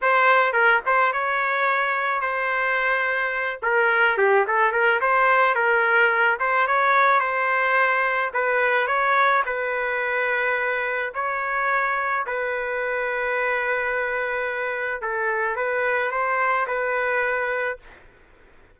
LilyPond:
\new Staff \with { instrumentName = "trumpet" } { \time 4/4 \tempo 4 = 108 c''4 ais'8 c''8 cis''2 | c''2~ c''8 ais'4 g'8 | a'8 ais'8 c''4 ais'4. c''8 | cis''4 c''2 b'4 |
cis''4 b'2. | cis''2 b'2~ | b'2. a'4 | b'4 c''4 b'2 | }